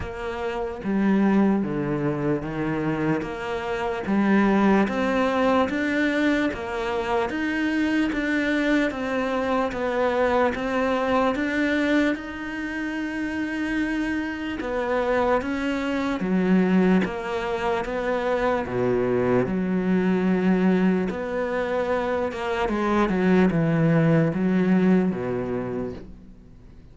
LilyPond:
\new Staff \with { instrumentName = "cello" } { \time 4/4 \tempo 4 = 74 ais4 g4 d4 dis4 | ais4 g4 c'4 d'4 | ais4 dis'4 d'4 c'4 | b4 c'4 d'4 dis'4~ |
dis'2 b4 cis'4 | fis4 ais4 b4 b,4 | fis2 b4. ais8 | gis8 fis8 e4 fis4 b,4 | }